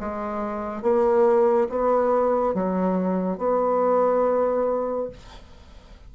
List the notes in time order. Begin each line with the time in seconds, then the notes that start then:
0.00 G#3
0.82 A#3
1.69 B3
2.54 F#3
3.38 B3